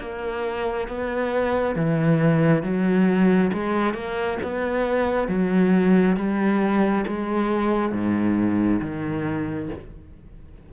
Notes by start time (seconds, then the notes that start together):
0.00 A#3
0.88 B3
1.76 E3
2.63 F#3
3.54 G#3
3.94 A#3
4.43 B3
5.28 F#3
6.17 G3
7.07 G#3
7.92 G#2
8.82 D#3